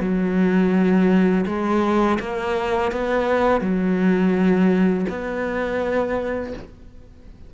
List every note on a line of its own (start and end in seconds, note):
0.00 1.45 F#3
1.47 2.19 G#3
2.20 2.92 A#3
2.92 3.61 B3
3.61 5.06 F#3
5.09 6.53 B3